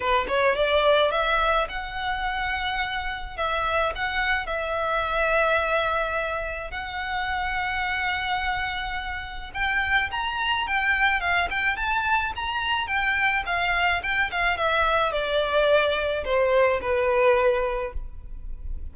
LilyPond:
\new Staff \with { instrumentName = "violin" } { \time 4/4 \tempo 4 = 107 b'8 cis''8 d''4 e''4 fis''4~ | fis''2 e''4 fis''4 | e''1 | fis''1~ |
fis''4 g''4 ais''4 g''4 | f''8 g''8 a''4 ais''4 g''4 | f''4 g''8 f''8 e''4 d''4~ | d''4 c''4 b'2 | }